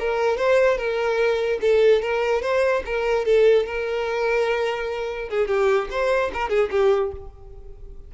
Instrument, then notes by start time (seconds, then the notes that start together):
violin
0.00 A#4
0.37 C5
0.78 A#4
1.62 A4
2.02 A#4
2.42 C5
2.86 A#4
3.26 A4
3.66 A#4
5.30 G#4
5.48 G4
5.91 C5
6.34 A#4
6.50 G#4
6.71 G4